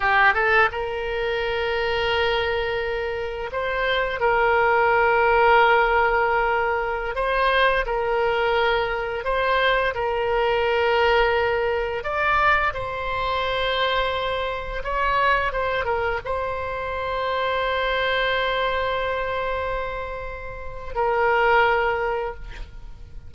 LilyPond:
\new Staff \with { instrumentName = "oboe" } { \time 4/4 \tempo 4 = 86 g'8 a'8 ais'2.~ | ais'4 c''4 ais'2~ | ais'2~ ais'16 c''4 ais'8.~ | ais'4~ ais'16 c''4 ais'4.~ ais'16~ |
ais'4~ ais'16 d''4 c''4.~ c''16~ | c''4~ c''16 cis''4 c''8 ais'8 c''8.~ | c''1~ | c''2 ais'2 | }